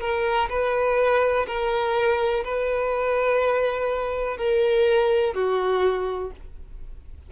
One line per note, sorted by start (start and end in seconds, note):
0.00 0.48 A#4
0.49 1.46 B4
1.46 2.43 A#4
2.44 4.37 B4
4.37 5.34 A#4
5.34 6.31 F#4